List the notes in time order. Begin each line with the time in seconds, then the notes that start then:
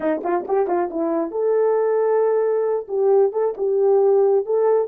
0.00 D#4
0.23 F4
0.47 G4
0.67 F4
0.90 E4
1.31 A4
2.88 G4
3.32 A4
3.57 G4
4.45 A4